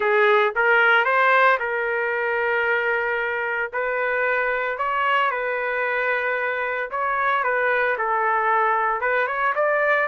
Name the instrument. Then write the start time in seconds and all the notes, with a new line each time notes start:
trumpet
0.00 G#4
0.55 A#4
1.05 C5
1.59 A#4
3.73 B4
4.78 C#5
5.30 B4
6.90 C#5
7.43 B4
7.98 A4
9.00 B4
9.27 C#5
9.55 D5